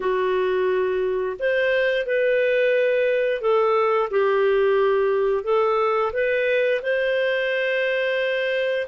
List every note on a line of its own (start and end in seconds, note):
0.00 1.36 F#4
1.39 2.06 C5
2.06 3.41 B4
3.41 4.09 A4
4.10 5.44 G4
5.44 6.12 A4
6.12 6.81 B4
6.82 8.87 C5